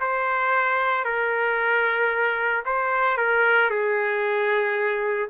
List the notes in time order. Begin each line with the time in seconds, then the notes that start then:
0.00 C5
1.05 A#4
2.65 C5
3.17 A#4
3.70 G#4